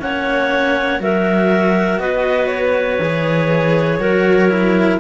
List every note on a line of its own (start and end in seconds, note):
0.00 1.00 A#3
0.00 0.99 C#4
0.00 1.02 C#5
0.00 1.01 F#5
0.99 2.00 F#3
0.99 2.99 F#4
0.99 2.00 A#4
0.99 1.99 E5
1.99 2.99 B3
1.99 4.00 B4
1.99 2.48 D#5
2.48 4.97 C#5
2.99 3.98 E3
2.99 4.00 G#4
3.98 4.98 F#3
3.98 4.49 F#4
3.98 5.00 A#4
4.49 4.99 E4